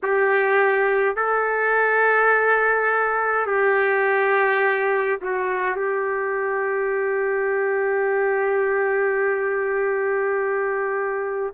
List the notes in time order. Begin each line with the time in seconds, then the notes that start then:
0.03 G4
1.15 A4
3.46 G4
5.21 F#4
5.75 G4